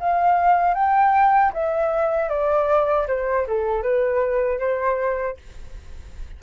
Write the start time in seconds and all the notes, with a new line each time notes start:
0.00 F5
0.75 G5
1.53 E5
2.30 D5
3.08 C5
3.47 A4
3.83 B4
4.59 C5